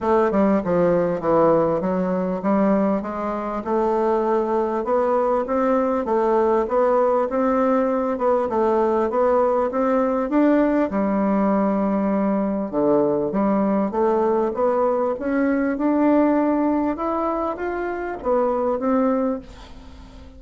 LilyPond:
\new Staff \with { instrumentName = "bassoon" } { \time 4/4 \tempo 4 = 99 a8 g8 f4 e4 fis4 | g4 gis4 a2 | b4 c'4 a4 b4 | c'4. b8 a4 b4 |
c'4 d'4 g2~ | g4 d4 g4 a4 | b4 cis'4 d'2 | e'4 f'4 b4 c'4 | }